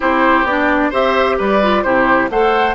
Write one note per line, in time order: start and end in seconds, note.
0.00 0.44 C4
0.00 0.45 E4
0.00 0.90 G4
0.00 0.46 C5
0.44 0.90 B3
0.44 0.92 D4
0.44 0.92 D5
0.90 1.39 C4
0.90 1.61 G4
0.90 1.35 C5
0.90 1.38 E5
1.38 1.84 G3
1.38 1.83 B4
1.38 1.82 D5
1.62 1.85 F4
1.82 2.29 C3
1.82 2.30 E4
1.82 2.29 G4
1.82 2.28 C5
2.29 2.74 A3
2.29 2.74 A4
2.29 2.74 C5
2.29 2.74 F#5